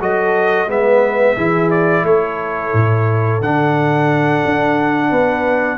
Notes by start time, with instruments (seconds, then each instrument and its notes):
0.00 tuba F#3, trombone F#4, horn A4, trumpet D#5
0.67 tuba G#3, trombone B3, horn B4, trumpet E5
1.35 tuba E3, trombone E4, horn G#4
1.71 trumpet D5
2.03 tuba A3, horn A4, trumpet C#5
2.73 tuba A2
3.40 tuba D3, trombone D4, trumpet F#5
4.45 tuba D4
5.09 tuba B3, horn B4